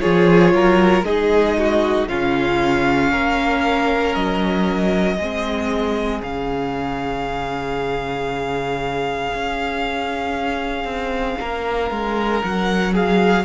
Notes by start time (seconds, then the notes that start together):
0.00 F3 F4 G#4 C#5
0.52 F#3 A#4
1.01 G#3 D#4 G#4 D#5
1.58 F#4
2.08 C#3 C#4 F4 F5
3.11 A#3 A#4
4.14 F#3 D#5
5.16 G#3 C4 G#4
6.22 C#3 C#4 F5
9.33 C#4
10.84 C4
11.39 A#3 A#4
11.90 G#3
12.42 F#3 F#5
12.93 G#4 F5